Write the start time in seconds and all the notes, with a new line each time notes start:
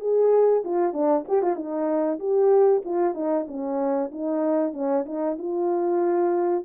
0.00 G#4
0.64 F4
0.93 D4
1.28 G4
1.42 F4
1.55 D#4
2.19 G4
2.84 F4
3.14 D#4
3.47 C#4
4.11 D#4
4.73 C#4
5.05 D#4
5.38 F4